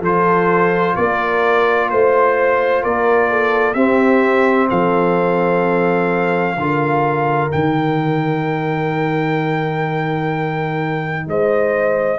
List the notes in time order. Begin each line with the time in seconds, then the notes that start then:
0.00 F3 F4 A4 C5
0.95 A#3 A#4 D5
1.89 A3 C5
2.83 A#3 A#4 D5
3.29 A4
3.73 C4 G4 E5
4.69 F3 A4 F5
6.56 D3 F4 A#4
7.51 D#3 D#4 G5
11.27 G#3 C5 D#5